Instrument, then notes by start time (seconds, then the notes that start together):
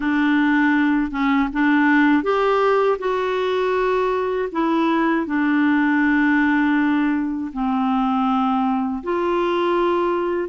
clarinet
0.00 D4
1.11 C#4
1.52 D4
2.23 G4
2.98 F#4
4.51 E4
5.26 D4
7.52 C4
9.03 F4